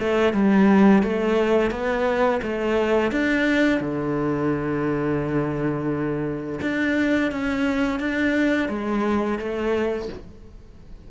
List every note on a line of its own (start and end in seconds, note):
0.00 0.34 A3
0.34 1.03 G3
1.03 1.71 A3
1.71 2.41 B3
2.43 3.12 A3
3.12 3.81 D4
3.81 6.60 D3
6.62 7.32 D4
7.32 8.00 C#4
8.00 8.70 D4
8.70 9.39 G#3
9.39 10.09 A3